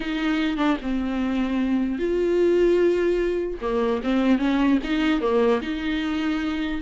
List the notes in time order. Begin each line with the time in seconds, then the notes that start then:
0.00 D#4
0.57 D4
0.82 C4
1.98 F4
3.61 A#3
4.03 C4
4.38 C#4
4.83 D#4
5.21 A#3
5.61 D#4